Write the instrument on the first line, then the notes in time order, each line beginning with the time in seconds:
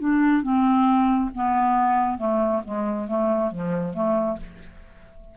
clarinet
0.00 D4
0.43 C4
1.35 B3
2.18 A3
2.65 G#3
3.08 A3
3.52 F3
3.94 A3